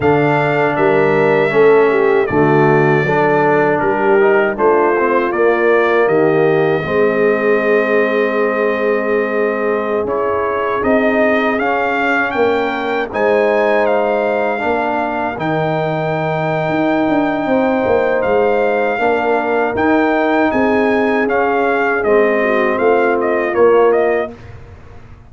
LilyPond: <<
  \new Staff \with { instrumentName = "trumpet" } { \time 4/4 \tempo 4 = 79 f''4 e''2 d''4~ | d''4 ais'4 c''4 d''4 | dis''1~ | dis''4~ dis''16 cis''4 dis''4 f''8.~ |
f''16 g''4 gis''4 f''4.~ f''16~ | f''16 g''2.~ g''8. | f''2 g''4 gis''4 | f''4 dis''4 f''8 dis''8 cis''8 dis''8 | }
  \new Staff \with { instrumentName = "horn" } { \time 4/4 a'4 ais'4 a'8 g'8 fis'4 | a'4 g'4 f'2 | g'4 gis'2.~ | gis'1~ |
gis'16 ais'4 c''2 ais'8.~ | ais'2. c''4~ | c''4 ais'2 gis'4~ | gis'4. fis'8 f'2 | }
  \new Staff \with { instrumentName = "trombone" } { \time 4/4 d'2 cis'4 a4 | d'4. dis'8 d'8 c'8 ais4~ | ais4 c'2.~ | c'4~ c'16 e'4 dis'4 cis'8.~ |
cis'4~ cis'16 dis'2 d'8.~ | d'16 dis'2.~ dis'8.~ | dis'4 d'4 dis'2 | cis'4 c'2 ais4 | }
  \new Staff \with { instrumentName = "tuba" } { \time 4/4 d4 g4 a4 d4 | fis4 g4 a4 ais4 | dis4 gis2.~ | gis4~ gis16 cis'4 c'4 cis'8.~ |
cis'16 ais4 gis2 ais8.~ | ais16 dis4.~ dis16 dis'8 d'8 c'8 ais8 | gis4 ais4 dis'4 c'4 | cis'4 gis4 a4 ais4 | }
>>